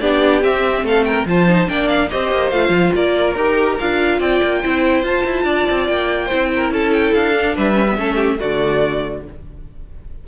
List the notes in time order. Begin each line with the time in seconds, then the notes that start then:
0.00 B3 D4 G4 D5
0.42 C4 E5
0.83 A3 A4 F5
1.05 A#4 G5
1.25 F3 F4 C5 A5
1.48 D#4
1.67 A#3 D4 D5 G5
1.88 F5
2.10 C4 G4 C5 D#5
2.31 A#3
2.51 A3 F4 F5
2.69 F3
2.95 A#3 A#4 D5
3.34 D#4 G4 A#4
3.79 D4 F4 F5
4.18 C4 D5 G5
4.43 A#3
4.63 C4 E4 C5
5.03 F4 A5
5.25 E4
5.44 D4 D5
5.70 C4
5.87 A#3 G5
6.26 E4 C5
6.33 C4
6.55 A#4
6.70 C#4 A4 A5
6.93 G5
7.14 D4 F5
7.34 D4
7.55 G3 B4 E5
7.74 C#4
7.90 B3
7.97 A3 C#4 A4
8.15 G4
8.38 D3 A3 F#4 D5